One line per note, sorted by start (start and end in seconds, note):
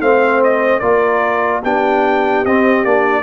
0.00 0.81 A3
0.00 0.81 C4
0.00 0.80 C5
0.00 0.42 F5
0.43 0.79 D#5
0.79 1.63 A#3
0.79 1.62 F4
0.79 1.61 A#4
0.79 1.60 D5
1.63 2.45 B3
1.63 2.46 D4
1.63 3.23 G4
1.63 2.45 G5
2.45 2.84 C4
2.45 2.85 C4
2.45 2.84 D#5
2.84 3.23 A#3
2.84 3.23 D4
2.84 3.23 D5